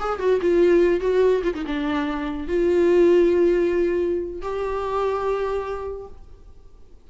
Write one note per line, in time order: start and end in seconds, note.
0.00 0.19 G#4
0.19 0.40 F#4
0.41 1.01 F4
1.01 1.42 F#4
1.44 1.54 F4
1.55 1.65 D#4
1.67 2.48 D4
2.48 4.42 F4
4.42 6.07 G4